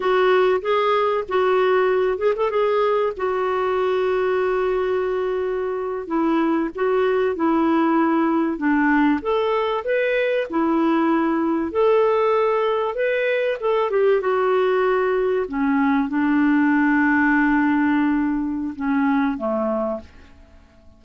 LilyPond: \new Staff \with { instrumentName = "clarinet" } { \time 4/4 \tempo 4 = 96 fis'4 gis'4 fis'4. gis'16 a'16 | gis'4 fis'2.~ | fis'4.~ fis'16 e'4 fis'4 e'16~ | e'4.~ e'16 d'4 a'4 b'16~ |
b'8. e'2 a'4~ a'16~ | a'8. b'4 a'8 g'8 fis'4~ fis'16~ | fis'8. cis'4 d'2~ d'16~ | d'2 cis'4 a4 | }